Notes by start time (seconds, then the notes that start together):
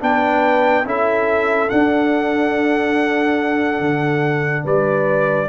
0.00 B3 D4 B4 G5
0.85 C#4 E4 A4 E5
1.70 D4 F#5
3.80 D3
4.64 G3 B4 D5